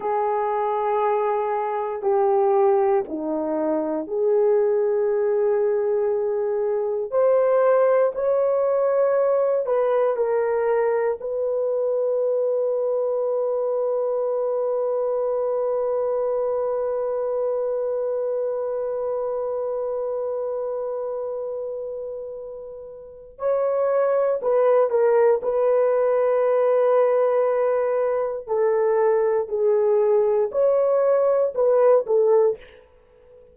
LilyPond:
\new Staff \with { instrumentName = "horn" } { \time 4/4 \tempo 4 = 59 gis'2 g'4 dis'4 | gis'2. c''4 | cis''4. b'8 ais'4 b'4~ | b'1~ |
b'1~ | b'2. cis''4 | b'8 ais'8 b'2. | a'4 gis'4 cis''4 b'8 a'8 | }